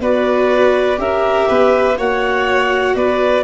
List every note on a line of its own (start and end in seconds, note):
0.00 0.98 B3
0.00 0.96 F#4
0.00 0.99 B4
0.00 0.99 D5
0.96 1.47 C#4
0.96 1.94 G4
0.96 1.48 A#4
0.96 1.98 E5
1.48 1.97 B3
1.48 1.97 B4
1.97 2.94 A#3
1.97 3.43 F#4
1.97 2.95 C#5
1.97 2.95 F#5
2.94 3.43 B3
2.94 3.43 B4
2.94 3.43 D5